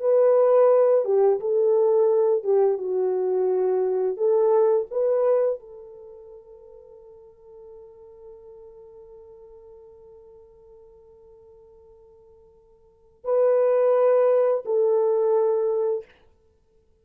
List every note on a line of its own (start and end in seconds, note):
0.00 1.05 B4
1.05 1.40 G4
1.40 2.44 A4
2.44 2.78 G4
2.78 4.17 F#4
4.17 4.86 A4
4.91 5.60 B4
5.60 13.25 A4
13.25 14.64 B4
14.65 16.05 A4